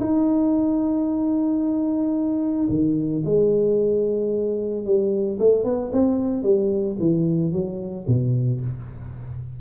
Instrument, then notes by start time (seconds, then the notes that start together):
tuba
0.00 D#4
2.69 D#3
3.25 G#3
4.85 G3
5.39 A3
5.64 B3
5.93 C4
6.43 G3
6.99 E3
7.52 F#3
8.07 B2